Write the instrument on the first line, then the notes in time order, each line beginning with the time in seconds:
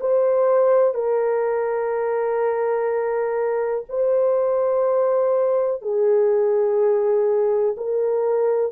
horn
0.00 C5
0.94 A#4
3.89 C5
5.82 G#4
7.77 A#4